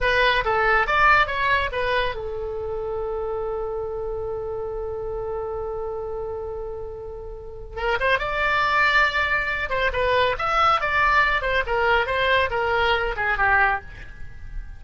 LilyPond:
\new Staff \with { instrumentName = "oboe" } { \time 4/4 \tempo 4 = 139 b'4 a'4 d''4 cis''4 | b'4 a'2.~ | a'1~ | a'1~ |
a'2 ais'8 c''8 d''4~ | d''2~ d''8 c''8 b'4 | e''4 d''4. c''8 ais'4 | c''4 ais'4. gis'8 g'4 | }